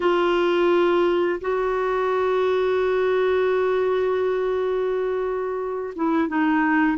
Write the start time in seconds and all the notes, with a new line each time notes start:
0.00 F4
1.40 F#4
5.95 E4
6.28 D#4